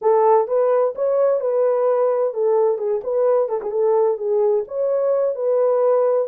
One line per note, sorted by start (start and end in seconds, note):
0.01 0.47 A4
0.47 0.94 B4
0.95 1.40 C#5
1.40 2.33 B4
2.33 2.78 A4
2.78 3.01 G#4
3.03 3.48 B4
3.48 3.60 A4
3.61 3.71 G#4
3.71 4.17 A4
4.17 4.64 G#4
4.67 5.35 C#5
5.35 6.28 B4